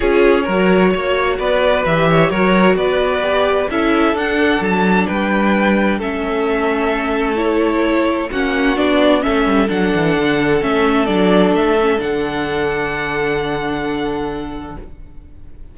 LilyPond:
<<
  \new Staff \with { instrumentName = "violin" } { \time 4/4 \tempo 4 = 130 cis''2. d''4 | e''4 cis''4 d''2 | e''4 fis''4 a''4 g''4~ | g''4 e''2. |
cis''2 fis''4 d''4 | e''4 fis''2 e''4 | d''4 e''4 fis''2~ | fis''1 | }
  \new Staff \with { instrumentName = "violin" } { \time 4/4 gis'4 ais'4 cis''4 b'4~ | b'8 cis''8 ais'4 b'2 | a'2. b'4~ | b'4 a'2.~ |
a'2 fis'2 | a'1~ | a'1~ | a'1 | }
  \new Staff \with { instrumentName = "viola" } { \time 4/4 f'4 fis'2. | g'4 fis'2 g'4 | e'4 d'2.~ | d'4 cis'2. |
e'2 cis'4 d'4 | cis'4 d'2 cis'4 | d'4. cis'8 d'2~ | d'1 | }
  \new Staff \with { instrumentName = "cello" } { \time 4/4 cis'4 fis4 ais4 b4 | e4 fis4 b2 | cis'4 d'4 fis4 g4~ | g4 a2.~ |
a2 ais4 b4 | a8 g8 fis8 e8 d4 a4 | fis4 a4 d2~ | d1 | }
>>